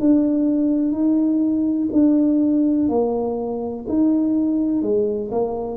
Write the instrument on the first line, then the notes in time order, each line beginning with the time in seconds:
tuba
0.00 D4
0.92 D#4
1.92 D4
2.89 A#3
3.88 D#4
4.82 G#3
5.31 A#3